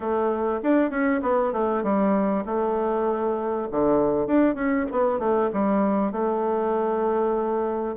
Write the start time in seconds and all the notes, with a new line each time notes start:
0.00 A3
0.62 D4
0.90 C#4
1.22 B3
1.53 A3
1.83 G3
2.45 A3
3.71 D3
4.27 D4
4.54 C#4
4.91 B3
5.19 A3
5.52 G3
6.12 A3